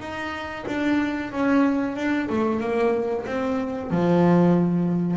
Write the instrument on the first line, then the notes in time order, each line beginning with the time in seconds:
double bass
0.00 D#4
0.67 D4
1.32 C#4
1.96 D4
2.30 A3
2.60 A#3
3.26 C4
3.91 F3